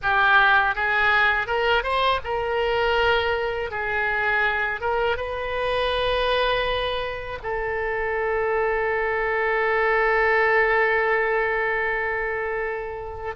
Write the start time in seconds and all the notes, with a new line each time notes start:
0.02 G4
0.75 G#4
1.46 A#4
1.83 C5
2.24 A#4
3.70 G#4
4.80 A#4
5.16 B4
7.42 A4